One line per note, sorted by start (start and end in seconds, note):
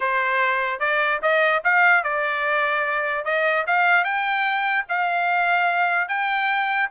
0.00 0.79 C5
0.79 1.20 D5
1.22 1.62 D#5
1.64 2.03 F5
2.03 3.25 D5
3.25 3.65 D#5
3.67 4.04 F5
4.04 4.85 G5
4.88 6.08 F5
6.08 6.89 G5